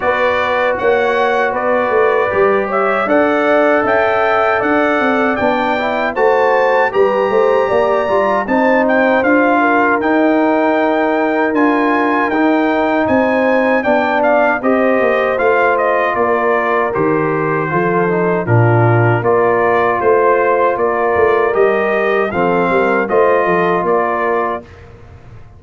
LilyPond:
<<
  \new Staff \with { instrumentName = "trumpet" } { \time 4/4 \tempo 4 = 78 d''4 fis''4 d''4. e''8 | fis''4 g''4 fis''4 g''4 | a''4 ais''2 a''8 g''8 | f''4 g''2 gis''4 |
g''4 gis''4 g''8 f''8 dis''4 | f''8 dis''8 d''4 c''2 | ais'4 d''4 c''4 d''4 | dis''4 f''4 dis''4 d''4 | }
  \new Staff \with { instrumentName = "horn" } { \time 4/4 b'4 cis''4 b'4. cis''8 | d''4 e''4 d''2 | c''4 b'8 c''8 d''4 c''4~ | c''8 ais'2.~ ais'8~ |
ais'4 c''4 d''4 c''4~ | c''4 ais'2 a'4 | f'4 ais'4 c''4 ais'4~ | ais'4 a'8 ais'8 c''8 a'8 ais'4 | }
  \new Staff \with { instrumentName = "trombone" } { \time 4/4 fis'2. g'4 | a'2. d'8 e'8 | fis'4 g'4. f'8 dis'4 | f'4 dis'2 f'4 |
dis'2 d'4 g'4 | f'2 g'4 f'8 dis'8 | d'4 f'2. | g'4 c'4 f'2 | }
  \new Staff \with { instrumentName = "tuba" } { \time 4/4 b4 ais4 b8 a8 g4 | d'4 cis'4 d'8 c'8 b4 | a4 g8 a8 ais8 g8 c'4 | d'4 dis'2 d'4 |
dis'4 c'4 b4 c'8 ais8 | a4 ais4 dis4 f4 | ais,4 ais4 a4 ais8 a8 | g4 f8 g8 a8 f8 ais4 | }
>>